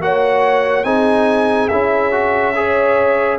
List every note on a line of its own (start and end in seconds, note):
0.00 0.84 A#3
0.00 0.85 F#4
0.00 0.86 C#5
0.00 0.84 F#5
0.84 1.69 C4
0.84 1.70 D#4
0.84 2.55 G#4
0.84 1.69 G#5
1.69 3.39 C#4
1.69 2.12 E4
1.69 3.38 E5
2.12 2.54 F#4
2.56 3.39 G#4
2.56 3.39 C#5